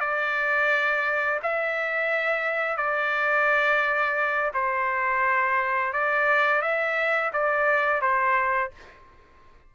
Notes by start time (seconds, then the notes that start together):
0.00 D5
1.42 E5
2.77 D5
4.54 C5
5.93 D5
6.62 E5
7.33 D5
8.01 C5